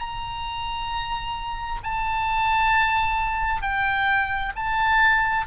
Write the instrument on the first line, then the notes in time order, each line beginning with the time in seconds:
oboe
0.00 A#5
1.84 A5
3.62 G5
4.56 A5